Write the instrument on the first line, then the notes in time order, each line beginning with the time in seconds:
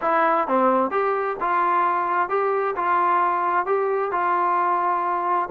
trombone
0.01 E4
0.47 C4
0.90 G4
1.40 F4
2.29 G4
2.76 F4
3.66 G4
4.11 F4